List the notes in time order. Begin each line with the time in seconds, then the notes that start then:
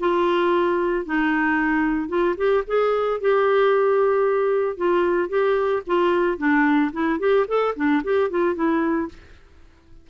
0.00 F4
1.06 D#4
2.09 F4
2.37 G4
2.67 G#4
3.21 G4
4.78 F4
5.29 G4
5.87 F4
6.38 D4
6.93 E4
7.20 G4
7.48 A4
7.76 D4
8.04 G4
8.31 F4
8.55 E4